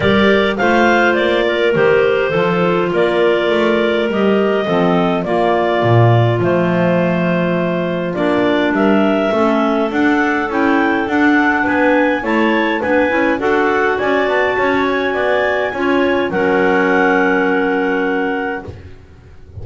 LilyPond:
<<
  \new Staff \with { instrumentName = "clarinet" } { \time 4/4 \tempo 4 = 103 d''4 f''4 d''4 c''4~ | c''4 d''2 dis''4~ | dis''4 d''2 c''4~ | c''2 d''4 e''4~ |
e''4 fis''4 g''4 fis''4 | gis''4 a''4 gis''4 fis''4 | gis''8 a''4 gis''2~ gis''8 | fis''1 | }
  \new Staff \with { instrumentName = "clarinet" } { \time 4/4 ais'4 c''4. ais'4. | a'4 ais'2. | a'4 f'2.~ | f'2. ais'4 |
a'1 | b'4 cis''4 b'4 a'4 | d''4 cis''4 d''4 cis''4 | ais'1 | }
  \new Staff \with { instrumentName = "clarinet" } { \time 4/4 g'4 f'2 g'4 | f'2. g'4 | c'4 ais2 a4~ | a2 d'2 |
cis'4 d'4 e'4 d'4~ | d'4 e'4 d'8 e'8 fis'4~ | fis'2. f'4 | cis'1 | }
  \new Staff \with { instrumentName = "double bass" } { \time 4/4 g4 a4 ais4 dis4 | f4 ais4 a4 g4 | f4 ais4 ais,4 f4~ | f2 ais4 g4 |
a4 d'4 cis'4 d'4 | b4 a4 b8 cis'8 d'4 | cis'8 b8 cis'4 b4 cis'4 | fis1 | }
>>